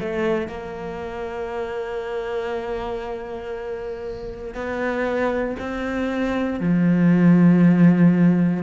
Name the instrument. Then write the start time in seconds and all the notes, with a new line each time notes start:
cello
0.00 A3
0.48 A#3
4.54 B3
5.59 C4
6.60 F3